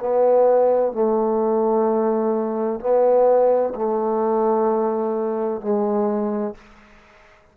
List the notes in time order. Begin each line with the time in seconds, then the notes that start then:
0.00 B3
0.93 A3
2.80 B3
3.75 A3
5.61 G#3